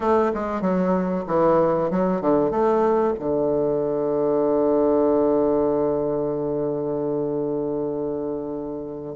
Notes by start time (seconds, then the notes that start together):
0.00 A3
0.34 G#3
0.61 F#3
1.27 E3
1.90 F#3
2.21 D3
2.51 A3
3.19 D3